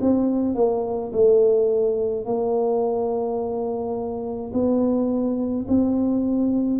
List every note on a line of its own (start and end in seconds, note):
0.00 0.55 C4
0.55 1.11 A#3
1.12 2.25 A3
2.25 4.51 A#3
4.53 5.66 B3
5.68 6.80 C4